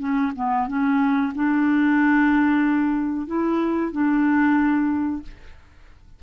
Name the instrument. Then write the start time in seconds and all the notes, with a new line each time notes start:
clarinet
0.00 C#4
0.36 B3
0.68 C#4
1.35 D4
3.27 E4
3.92 D4